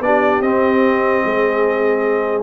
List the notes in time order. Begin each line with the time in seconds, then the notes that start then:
0.00 B3 D4 G4 D5
0.40 C4 D#5
1.24 G#3 G#4